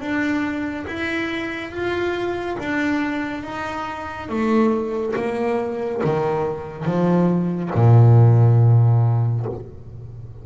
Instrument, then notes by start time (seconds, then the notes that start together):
double bass
0.00 D4
0.87 E4
1.71 F4
2.59 D4
3.43 D#4
4.29 A3
5.15 A#3
6.04 D#3
6.85 F3
7.74 A#2